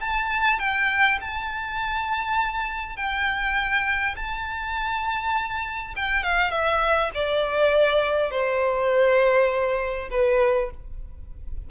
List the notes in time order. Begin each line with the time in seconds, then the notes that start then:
0.00 A5
0.59 G5
1.20 A5
2.96 G5
4.16 A5
5.96 G5
6.23 F5
6.50 E5
7.14 D5
8.31 C5
10.10 B4